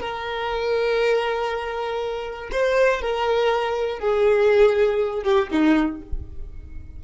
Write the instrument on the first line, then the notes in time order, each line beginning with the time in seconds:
violin
0.00 A#4
2.52 C5
3.01 A#4
3.99 G#4
5.23 G4
5.51 D#4